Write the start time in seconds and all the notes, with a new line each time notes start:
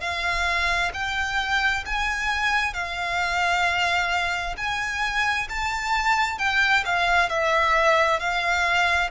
0.00 F5
0.93 G5
1.86 G#5
2.73 F5
4.57 G#5
5.49 A5
6.38 G5
6.85 F5
7.29 E5
8.19 F5